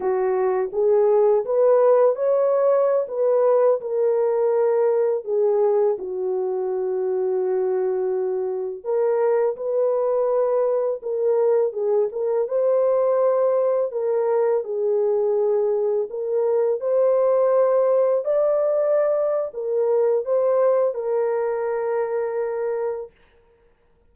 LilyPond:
\new Staff \with { instrumentName = "horn" } { \time 4/4 \tempo 4 = 83 fis'4 gis'4 b'4 cis''4~ | cis''16 b'4 ais'2 gis'8.~ | gis'16 fis'2.~ fis'8.~ | fis'16 ais'4 b'2 ais'8.~ |
ais'16 gis'8 ais'8 c''2 ais'8.~ | ais'16 gis'2 ais'4 c''8.~ | c''4~ c''16 d''4.~ d''16 ais'4 | c''4 ais'2. | }